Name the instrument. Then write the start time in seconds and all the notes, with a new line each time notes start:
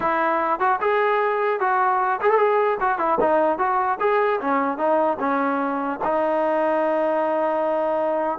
trombone
0.00 E4
0.59 F#4
0.81 G#4
1.60 F#4
2.21 G#4
2.30 A4
2.38 G#4
2.80 F#4
2.98 E4
3.20 D#4
3.58 F#4
3.99 G#4
4.40 C#4
4.77 D#4
5.19 C#4
6.04 D#4